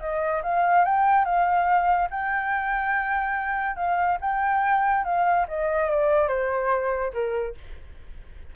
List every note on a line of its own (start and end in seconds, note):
0.00 0.42 D#5
0.43 0.85 F5
0.85 1.25 G5
1.25 2.09 F5
2.10 3.76 G5
3.76 4.18 F5
4.21 5.04 G5
5.04 5.46 F5
5.48 5.90 D#5
5.90 6.28 D5
6.28 7.12 C5
7.13 7.55 A#4